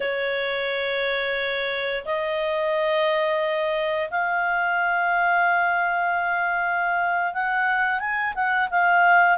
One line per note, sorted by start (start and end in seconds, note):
0.00 2.05 C#5
2.05 4.09 D#5
4.10 7.33 F5
7.33 7.99 F#5
7.99 8.33 G#5
8.34 8.68 F#5
8.70 9.37 F5